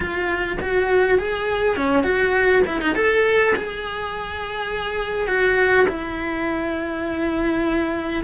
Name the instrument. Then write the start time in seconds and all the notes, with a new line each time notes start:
cello
0.00 F4
0.60 F#4
1.18 G#4
1.76 C#4
2.03 F#4
2.66 E4
2.81 D#4
2.95 A4
3.56 G#4
5.27 F#4
5.88 E4